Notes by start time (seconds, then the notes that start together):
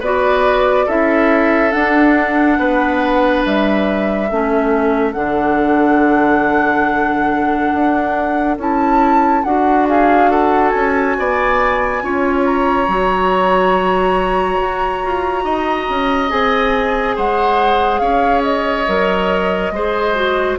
0.00 B3 F#4 B4 D5
0.86 C#4 E4 A4 E5
1.71 D4 F#5
2.59 B3 B4
3.46 G3 E5
4.29 A3 C#4 A4
5.13 D3 D4 F#5
7.74 D4
8.58 C#4 E4 A5
9.44 D4 F#4 F#5
9.88 G#4 F5
10.30 A4 F#5
10.69 C#4 G#5
11.18 B3 D5
12.02 C#4 F4 C#5
12.46 A#5
12.88 F#3 F#4
14.61 F#4
15.05 F4
15.44 D#4 D#5
15.90 C#4
16.30 C4 G#4 G#5
17.16 G#3 C5 F#5
17.99 C#4 C#5 F5
18.43 D#5
18.87 F#3 A#4
19.71 G#3 G#4 C5
20.15 F#4